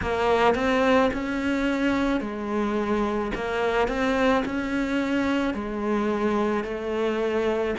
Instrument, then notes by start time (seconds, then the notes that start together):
cello
0.02 A#3
0.55 C4
1.13 C#4
2.20 G#3
3.34 A#3
3.88 C4
4.44 C#4
5.54 G#3
6.64 A3